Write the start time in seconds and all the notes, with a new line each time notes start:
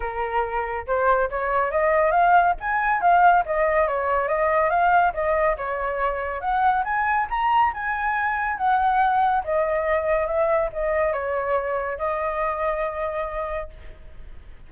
0.00 A#4
0.86 C5
1.30 C#5
1.71 D#5
2.11 F5
2.60 G#5
3.01 F5
3.45 D#5
3.87 C#5
4.28 D#5
4.69 F5
5.13 D#5
5.57 C#5
6.41 F#5
6.84 G#5
7.30 A#5
7.73 G#5
8.57 F#5
9.44 D#5
10.26 E5
10.72 D#5
11.13 C#5
11.98 D#5